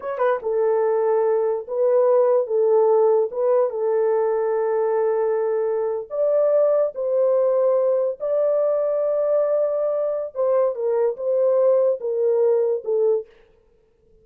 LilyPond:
\new Staff \with { instrumentName = "horn" } { \time 4/4 \tempo 4 = 145 cis''8 b'8 a'2. | b'2 a'2 | b'4 a'2.~ | a'2~ a'8. d''4~ d''16~ |
d''8. c''2. d''16~ | d''1~ | d''4 c''4 ais'4 c''4~ | c''4 ais'2 a'4 | }